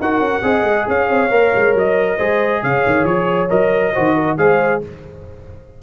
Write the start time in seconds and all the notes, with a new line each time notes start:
0.00 D#4 F#4 A#4 F#5
0.20 C#4
0.43 C4 G#4 D#5
0.63 G#3
0.88 C#4 C#5 F5
1.10 C4
1.30 A#3 A#4
1.55 G#3
1.74 F#3 D#5
2.17 G#3 G#4 C5
2.62 C#3 C#5 F5
2.86 D#3
3.04 F3 C#5
3.49 F#3 A#4 D#5
3.93 D#3 F#4 C5
4.14 A#4
4.37 G#3 G#4 C5 F5